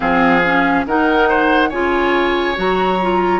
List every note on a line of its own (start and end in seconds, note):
0.00 0.86 F3
0.00 0.42 C4
0.00 0.85 G#4
0.00 0.86 F5
0.44 0.87 C#4
0.86 1.71 D#3
0.86 1.72 D#4
0.86 1.29 A#4
0.86 1.70 F#5
1.29 1.69 C5
1.69 2.57 C#3
1.69 2.55 F4
1.69 3.40 C#5
1.69 2.55 G#5
2.55 3.40 F#3
2.55 2.98 F#4
2.55 3.40 A#5
3.01 3.40 F4